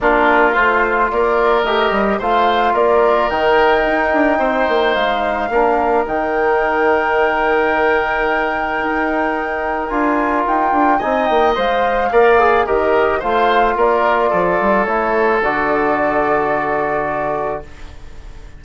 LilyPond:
<<
  \new Staff \with { instrumentName = "flute" } { \time 4/4 \tempo 4 = 109 ais'4 c''4 d''4 dis''4 | f''4 d''4 g''2~ | g''4 f''2 g''4~ | g''1~ |
g''2 gis''4 g''4 | gis''8 g''8 f''2 dis''4 | f''4 d''2 cis''4 | d''1 | }
  \new Staff \with { instrumentName = "oboe" } { \time 4/4 f'2 ais'2 | c''4 ais'2. | c''2 ais'2~ | ais'1~ |
ais'1 | dis''2 d''4 ais'4 | c''4 ais'4 a'2~ | a'1 | }
  \new Staff \with { instrumentName = "trombone" } { \time 4/4 d'4 f'2 g'4 | f'2 dis'2~ | dis'2 d'4 dis'4~ | dis'1~ |
dis'2 f'2 | dis'4 c''4 ais'8 gis'8 g'4 | f'2. e'4 | fis'1 | }
  \new Staff \with { instrumentName = "bassoon" } { \time 4/4 ais4 a4 ais4 a8 g8 | a4 ais4 dis4 dis'8 d'8 | c'8 ais8 gis4 ais4 dis4~ | dis1 |
dis'2 d'4 dis'8 d'8 | c'8 ais8 gis4 ais4 dis4 | a4 ais4 f8 g8 a4 | d1 | }
>>